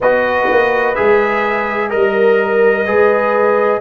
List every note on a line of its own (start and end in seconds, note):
0.00 0.48 B3
0.00 0.95 F#4
0.00 1.91 B4
0.00 0.94 D#5
0.50 0.98 A#3
0.94 1.94 G#3
0.94 1.89 G#4
0.94 1.89 E5
1.89 2.87 G3
1.89 2.85 A#4
1.89 3.80 D#5
2.85 3.81 G#3
2.85 3.81 G#4
2.85 3.80 B4